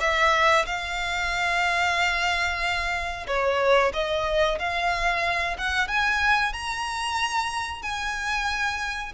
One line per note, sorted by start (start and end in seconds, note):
0.00 0.65 E5
0.66 3.27 F5
3.27 3.92 C#5
3.93 4.59 D#5
4.59 5.57 F5
5.58 5.88 F#5
5.88 6.53 G#5
6.53 7.82 A#5
7.82 9.12 G#5